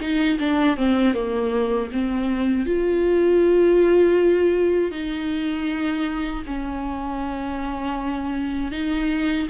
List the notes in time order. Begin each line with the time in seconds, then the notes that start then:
0.00 D#4
0.39 D4
0.76 C4
1.14 A#3
1.92 C4
2.65 F4
4.91 D#4
6.46 C#4
8.71 D#4